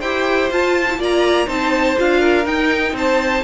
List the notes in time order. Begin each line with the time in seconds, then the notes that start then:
0.00 E4 G4 C5 G5
0.51 F4 A5
0.90 E4
0.98 A#3 F4 D5 A#5
1.47 C4 D#4 C5 A5
1.97 D4 F4 F5
2.20 A#4
2.44 D#4 G5
2.93 C4 C5 A5